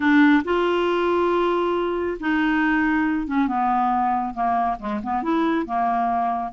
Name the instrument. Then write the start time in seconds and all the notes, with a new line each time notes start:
clarinet
0.00 D4
0.44 F4
2.20 D#4
3.27 C#4
3.47 B3
4.33 A#3
4.79 G#3
5.03 B3
5.23 E4
5.65 A#3